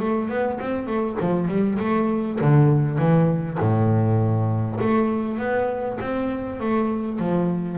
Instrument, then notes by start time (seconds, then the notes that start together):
double bass
0.00 A3
0.29 B3
0.60 C4
0.87 A3
1.21 F3
1.49 G3
1.79 A3
2.41 D3
2.98 E3
3.60 A2
4.81 A3
5.38 B3
6.01 C4
6.60 A3
7.19 F3